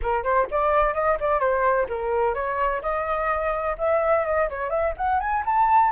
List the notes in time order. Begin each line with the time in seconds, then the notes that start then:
0.02 A#4
0.23 C5
0.50 D5
0.94 D#5
1.20 D5
1.39 C5
1.89 A#4
2.34 C#5
2.82 D#5
3.78 E5
4.25 D#5
4.49 C#5
4.70 E5
4.97 F#5
5.19 G#5
5.45 A5